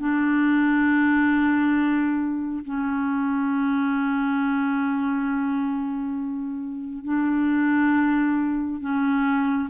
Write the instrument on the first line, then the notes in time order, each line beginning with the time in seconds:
clarinet
0.00 D4
2.65 C#4
7.05 D4
8.81 C#4